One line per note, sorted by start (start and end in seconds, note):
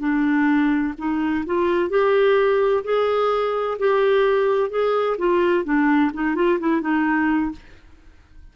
0.00 0.94 D4
0.98 1.45 D#4
1.46 1.90 F4
1.90 2.84 G4
2.84 3.78 G#4
3.79 4.70 G4
4.70 5.17 G#4
5.18 5.65 F4
5.65 6.12 D4
6.14 6.35 D#4
6.35 6.59 F4
6.60 6.81 E4
6.81 7.52 D#4